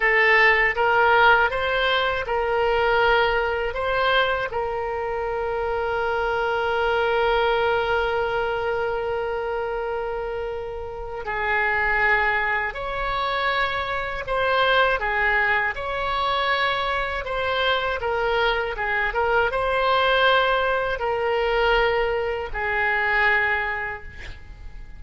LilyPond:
\new Staff \with { instrumentName = "oboe" } { \time 4/4 \tempo 4 = 80 a'4 ais'4 c''4 ais'4~ | ais'4 c''4 ais'2~ | ais'1~ | ais'2. gis'4~ |
gis'4 cis''2 c''4 | gis'4 cis''2 c''4 | ais'4 gis'8 ais'8 c''2 | ais'2 gis'2 | }